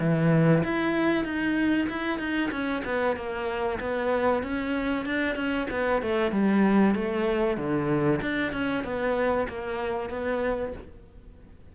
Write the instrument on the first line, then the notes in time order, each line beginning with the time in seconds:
cello
0.00 E3
0.63 E4
1.24 D#4
1.89 E4
2.19 D#4
2.51 C#4
2.85 B3
3.16 A#3
3.80 B3
4.43 C#4
5.05 D4
5.36 C#4
5.70 B3
6.02 A3
6.32 G3
6.95 A3
7.57 D3
8.22 D4
8.52 C#4
8.84 B3
9.49 A#3
10.09 B3